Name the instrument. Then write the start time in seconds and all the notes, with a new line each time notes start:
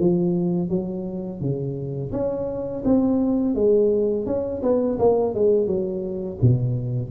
tuba
0.00 F3
0.69 F#3
1.41 C#3
2.12 C#4
2.85 C4
3.55 G#3
4.26 C#4
4.63 B3
4.99 A#3
5.35 G#3
5.67 F#3
6.42 B2